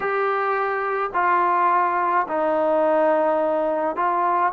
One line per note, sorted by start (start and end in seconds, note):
0.00 1.10 G4
1.13 2.26 F4
2.27 3.96 D#4
3.96 4.52 F4